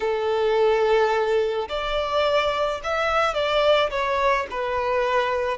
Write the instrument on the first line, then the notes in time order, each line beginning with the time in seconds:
violin
0.00 A4
1.68 D5
2.83 E5
3.33 D5
3.90 C#5
4.50 B4